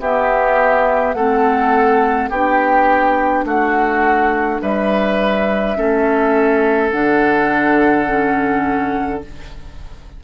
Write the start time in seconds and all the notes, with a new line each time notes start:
0.00 B3 G4 E5
1.14 A3 C4 A4 F#5
2.30 B3 D4 G4 G5
3.45 A3 F#4 F#5
4.62 G3 B4 E5
5.76 A3 C#4 A4
6.91 D3 D4 F#5
8.06 C#4